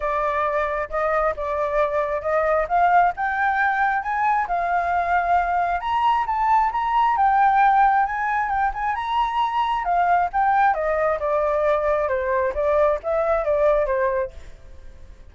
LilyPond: \new Staff \with { instrumentName = "flute" } { \time 4/4 \tempo 4 = 134 d''2 dis''4 d''4~ | d''4 dis''4 f''4 g''4~ | g''4 gis''4 f''2~ | f''4 ais''4 a''4 ais''4 |
g''2 gis''4 g''8 gis''8 | ais''2 f''4 g''4 | dis''4 d''2 c''4 | d''4 e''4 d''4 c''4 | }